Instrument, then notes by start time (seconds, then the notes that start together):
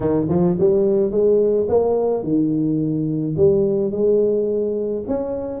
tuba
0.00 D#3
0.28 F3
0.59 G3
1.11 G#3
1.68 A#3
2.23 D#3
3.36 G3
3.91 G#3
5.07 C#4